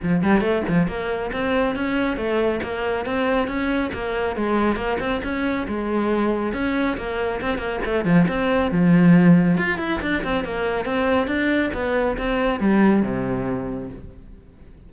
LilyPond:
\new Staff \with { instrumentName = "cello" } { \time 4/4 \tempo 4 = 138 f8 g8 a8 f8 ais4 c'4 | cis'4 a4 ais4 c'4 | cis'4 ais4 gis4 ais8 c'8 | cis'4 gis2 cis'4 |
ais4 c'8 ais8 a8 f8 c'4 | f2 f'8 e'8 d'8 c'8 | ais4 c'4 d'4 b4 | c'4 g4 c2 | }